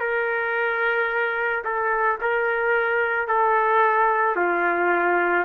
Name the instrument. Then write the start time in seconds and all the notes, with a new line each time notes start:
trumpet
0.00 A#4
1.65 A4
2.22 A#4
3.28 A4
4.36 F4